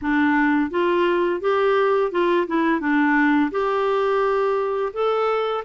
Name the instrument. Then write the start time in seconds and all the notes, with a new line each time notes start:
clarinet
0.01 D4
0.70 F4
1.41 G4
2.11 F4
2.47 E4
2.80 D4
3.51 G4
4.93 A4